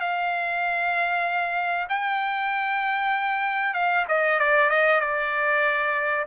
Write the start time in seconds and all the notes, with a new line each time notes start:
0.00 F5
1.89 G5
3.74 F5
4.08 D#5
4.39 D5
4.70 D#5
5.00 D5